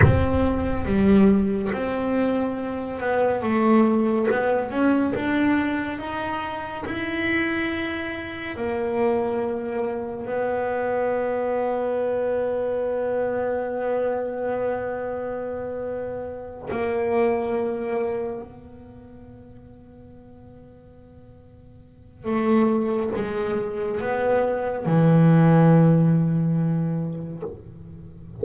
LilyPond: \new Staff \with { instrumentName = "double bass" } { \time 4/4 \tempo 4 = 70 c'4 g4 c'4. b8 | a4 b8 cis'8 d'4 dis'4 | e'2 ais2 | b1~ |
b2.~ b8 ais8~ | ais4. b2~ b8~ | b2 a4 gis4 | b4 e2. | }